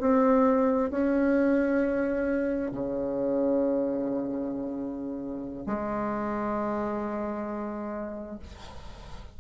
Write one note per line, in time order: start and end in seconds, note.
0.00 0.90 C4
0.90 2.71 C#4
2.71 5.66 C#3
5.66 8.39 G#3